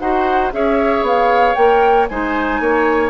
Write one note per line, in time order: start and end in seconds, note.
0.00 0.53 D#4
0.00 0.52 F#4
0.00 0.53 C5
0.00 0.52 F#5
0.52 1.02 C#4
0.52 1.56 G#4
0.52 2.11 C#5
0.52 1.06 E5
1.02 1.54 B3
1.02 1.55 F5
1.55 2.10 A#3
1.55 2.08 A#4
1.55 2.07 G5
2.09 2.60 G#3
2.09 3.10 D#4
2.09 2.62 C5
2.09 3.10 G#5
2.60 3.10 A#3
2.60 3.10 C#5